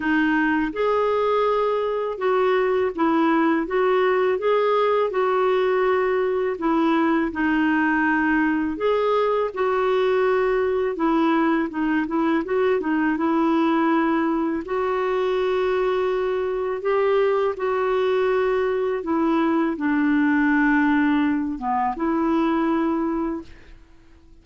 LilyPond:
\new Staff \with { instrumentName = "clarinet" } { \time 4/4 \tempo 4 = 82 dis'4 gis'2 fis'4 | e'4 fis'4 gis'4 fis'4~ | fis'4 e'4 dis'2 | gis'4 fis'2 e'4 |
dis'8 e'8 fis'8 dis'8 e'2 | fis'2. g'4 | fis'2 e'4 d'4~ | d'4. b8 e'2 | }